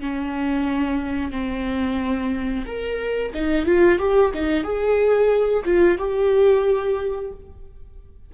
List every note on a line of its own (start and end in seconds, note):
0.00 1.31 C#4
1.31 2.65 C4
2.66 3.33 A#4
3.34 3.65 D#4
3.65 3.99 F4
3.99 4.32 G4
4.34 4.64 D#4
4.64 5.64 G#4
5.65 5.98 F4
5.98 7.32 G4